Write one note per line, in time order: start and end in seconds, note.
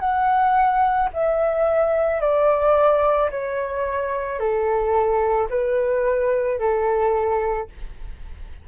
0.00 1.09 F#5
1.14 2.21 E5
2.21 3.30 D5
3.31 4.39 C#5
4.39 5.48 A4
5.50 6.60 B4
6.60 7.69 A4